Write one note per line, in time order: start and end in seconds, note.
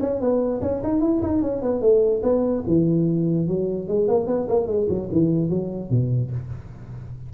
0.00 0.20 C#4
0.20 0.61 B3
0.61 0.82 C#4
0.83 1.01 D#4
1.01 1.21 E4
1.22 1.42 D#4
1.42 1.62 C#4
1.62 1.81 B3
1.81 2.22 A3
2.22 2.63 B3
2.67 3.47 E3
3.47 3.88 F#3
3.88 4.08 G#3
4.08 4.27 A#3
4.27 4.47 B3
4.48 4.67 A#3
4.67 4.87 G#3
4.89 5.09 F#3
5.12 5.49 E3
5.49 5.90 F#3
5.90 6.31 B2